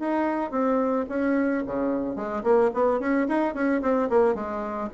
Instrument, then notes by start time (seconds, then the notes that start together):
bassoon
0.00 D#4
0.52 C4
1.10 C#4
1.67 C#3
2.16 G#3
2.44 A#3
2.74 B3
3.00 C#4
3.29 D#4
3.55 C#4
3.82 C4
4.10 A#3
4.35 G#3